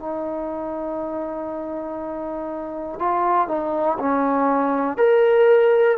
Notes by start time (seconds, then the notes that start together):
0.00 D#4
2.99 F4
3.48 D#4
4.00 C#4
4.98 A#4